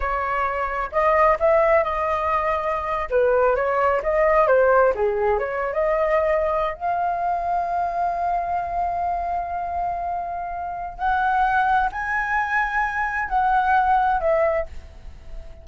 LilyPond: \new Staff \with { instrumentName = "flute" } { \time 4/4 \tempo 4 = 131 cis''2 dis''4 e''4 | dis''2~ dis''8. b'4 cis''16~ | cis''8. dis''4 c''4 gis'4 cis''16~ | cis''8 dis''2~ dis''16 f''4~ f''16~ |
f''1~ | f''1 | fis''2 gis''2~ | gis''4 fis''2 e''4 | }